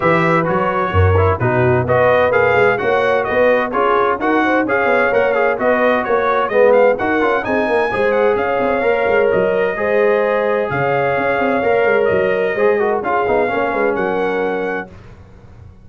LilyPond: <<
  \new Staff \with { instrumentName = "trumpet" } { \time 4/4 \tempo 4 = 129 e''4 cis''2 b'4 | dis''4 f''4 fis''4 dis''4 | cis''4 fis''4 f''4 fis''8 f''8 | dis''4 cis''4 dis''8 f''8 fis''4 |
gis''4. fis''8 f''2 | dis''2. f''4~ | f''2 dis''2 | f''2 fis''2 | }
  \new Staff \with { instrumentName = "horn" } { \time 4/4 b'2 ais'4 fis'4 | b'2 cis''4 b'4 | gis'4 ais'8 c''8 cis''2 | b'4 cis''4 b'4 ais'4 |
gis'8 ais'8 c''4 cis''2~ | cis''4 c''2 cis''4~ | cis''2. c''8 ais'8 | gis'4 cis''8 b'8 ais'2 | }
  \new Staff \with { instrumentName = "trombone" } { \time 4/4 g'4 fis'4. e'8 dis'4 | fis'4 gis'4 fis'2 | f'4 fis'4 gis'4 ais'8 gis'8 | fis'2 b4 fis'8 f'8 |
dis'4 gis'2 ais'4~ | ais'4 gis'2.~ | gis'4 ais'2 gis'8 fis'8 | f'8 dis'8 cis'2. | }
  \new Staff \with { instrumentName = "tuba" } { \time 4/4 e4 fis4 fis,4 b,4 | b4 ais8 gis8 ais4 b4 | cis'4 dis'4 cis'8 b8 ais4 | b4 ais4 gis4 dis'8 cis'8 |
c'8 ais8 gis4 cis'8 c'8 ais8 gis8 | fis4 gis2 cis4 | cis'8 c'8 ais8 gis8 fis4 gis4 | cis'8 b8 ais8 gis8 fis2 | }
>>